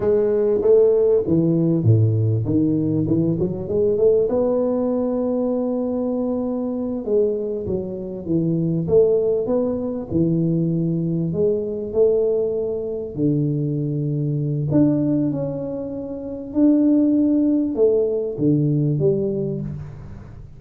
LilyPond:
\new Staff \with { instrumentName = "tuba" } { \time 4/4 \tempo 4 = 98 gis4 a4 e4 a,4 | dis4 e8 fis8 gis8 a8 b4~ | b2.~ b8 gis8~ | gis8 fis4 e4 a4 b8~ |
b8 e2 gis4 a8~ | a4. d2~ d8 | d'4 cis'2 d'4~ | d'4 a4 d4 g4 | }